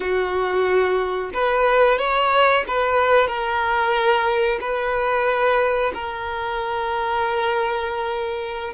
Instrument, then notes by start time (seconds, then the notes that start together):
violin
0.00 F#4
1.33 B4
1.98 C#5
2.67 B4
3.27 A#4
4.60 B4
5.93 A#4